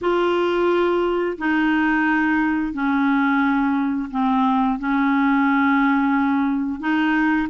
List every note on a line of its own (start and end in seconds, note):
0.01 1.37 F4
1.38 2.73 D#4
2.73 4.09 C#4
4.11 4.79 C4
4.79 6.80 C#4
6.80 7.48 D#4